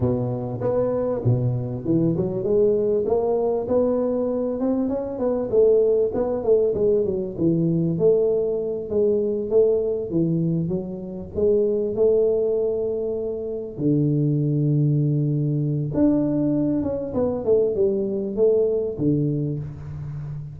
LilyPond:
\new Staff \with { instrumentName = "tuba" } { \time 4/4 \tempo 4 = 98 b,4 b4 b,4 e8 fis8 | gis4 ais4 b4. c'8 | cis'8 b8 a4 b8 a8 gis8 fis8 | e4 a4. gis4 a8~ |
a8 e4 fis4 gis4 a8~ | a2~ a8 d4.~ | d2 d'4. cis'8 | b8 a8 g4 a4 d4 | }